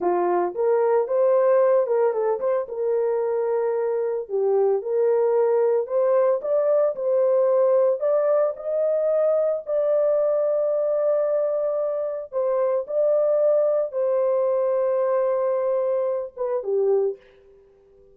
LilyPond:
\new Staff \with { instrumentName = "horn" } { \time 4/4 \tempo 4 = 112 f'4 ais'4 c''4. ais'8 | a'8 c''8 ais'2. | g'4 ais'2 c''4 | d''4 c''2 d''4 |
dis''2 d''2~ | d''2. c''4 | d''2 c''2~ | c''2~ c''8 b'8 g'4 | }